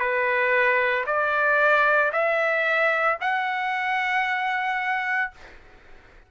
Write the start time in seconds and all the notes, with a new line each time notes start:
0.00 B4
1.07 D5
2.13 E5
3.21 F#5